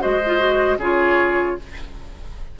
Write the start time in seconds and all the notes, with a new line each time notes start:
0.00 G#3 F#4 C5 D#5
0.26 F4
0.38 F#4
0.78 C#3 F4 G#4 C#5